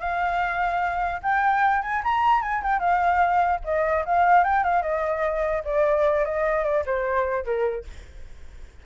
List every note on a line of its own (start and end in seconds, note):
0.00 1.21 F5
1.23 1.82 G5
1.82 2.03 G#5
2.04 2.42 A#5
2.42 2.62 G#5
2.63 2.79 G5
2.79 3.60 F5
3.64 4.05 D#5
4.06 4.44 F5
4.44 4.64 G5
4.64 4.82 F5
4.82 5.63 D#5
5.65 6.25 D5
6.25 6.64 D#5
6.64 6.84 D5
6.86 7.45 C5
7.45 7.85 A#4